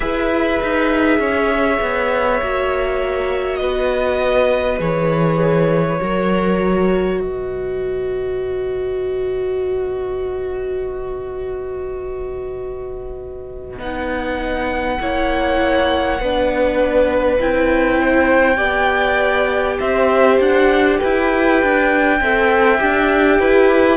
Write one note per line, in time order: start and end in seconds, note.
0.00 0.60 E4
0.00 2.40 G#4
0.00 1.19 B4
0.00 3.56 E5
0.62 1.19 D#4
1.19 1.79 C#4
1.19 3.60 C#5
1.81 2.41 B3
2.42 3.60 A#3
2.42 4.78 F#4
3.56 4.79 B3
3.56 6.00 B4
3.56 4.76 D#5
4.78 5.99 E3
4.78 5.98 G#4
4.78 7.20 C#5
5.99 7.21 F#3
5.99 13.78 F#4
5.99 7.21 A#4
7.20 13.79 B2
7.20 15.01 B4
7.20 13.80 D#5
13.78 14.98 B3
13.78 14.97 D#4
13.78 17.40 F#5
15.00 16.19 A#3
15.00 16.20 E4
15.00 16.21 C#5
16.19 17.39 B3
16.19 17.39 D4
16.19 18.00 B4
17.39 18.59 C4
17.39 18.57 E4
17.39 19.80 G5
18.00 18.57 C5
18.57 19.79 B3
18.57 22.16 G4
18.57 19.77 D5
19.79 20.39 C4
19.79 20.98 C5
19.79 20.40 E5
20.39 20.99 D4
20.39 20.99 F#5
20.98 21.62 E4
20.98 22.18 B4
20.98 23.96 G5
21.62 22.20 D4
22.20 22.80 C4
22.20 22.78 A4
22.20 23.39 E5
22.78 23.39 D4
22.78 23.96 G4
23.39 23.96 E4
23.39 23.96 B4